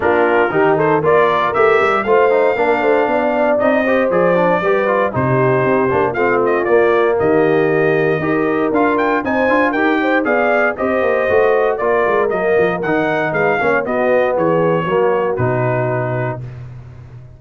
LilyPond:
<<
  \new Staff \with { instrumentName = "trumpet" } { \time 4/4 \tempo 4 = 117 ais'4. c''8 d''4 e''4 | f''2. dis''4 | d''2 c''2 | f''8 dis''8 d''4 dis''2~ |
dis''4 f''8 g''8 gis''4 g''4 | f''4 dis''2 d''4 | dis''4 fis''4 f''4 dis''4 | cis''2 b'2 | }
  \new Staff \with { instrumentName = "horn" } { \time 4/4 f'4 g'8 a'8 ais'2 | c''4 ais'8 c''8 d''4. c''8~ | c''4 b'4 g'2 | f'2 g'2 |
ais'2 c''4 ais'8 c''8 | d''4 c''2 ais'4~ | ais'2 b'8 cis''8 fis'4 | gis'4 fis'2. | }
  \new Staff \with { instrumentName = "trombone" } { \time 4/4 d'4 dis'4 f'4 g'4 | f'8 dis'8 d'2 dis'8 g'8 | gis'8 d'8 g'8 f'8 dis'4. d'8 | c'4 ais2. |
g'4 f'4 dis'8 f'8 g'4 | gis'4 g'4 fis'4 f'4 | ais4 dis'4. cis'8 b4~ | b4 ais4 dis'2 | }
  \new Staff \with { instrumentName = "tuba" } { \time 4/4 ais4 dis4 ais4 a8 g8 | a4 ais8 a8 b4 c'4 | f4 g4 c4 c'8 ais8 | a4 ais4 dis2 |
dis'4 d'4 c'8 d'8 dis'4 | b4 c'8 ais8 a4 ais8 gis8 | fis8 f8 dis4 gis8 ais8 b4 | e4 fis4 b,2 | }
>>